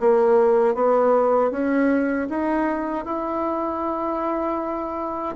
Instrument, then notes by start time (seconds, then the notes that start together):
bassoon
0.00 A#3
0.75 B3
1.51 C#4
2.30 D#4
3.06 E4